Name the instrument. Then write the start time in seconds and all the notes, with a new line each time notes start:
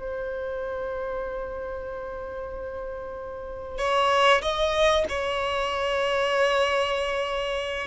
violin
0.00 C5
3.78 C#5
4.42 D#5
5.09 C#5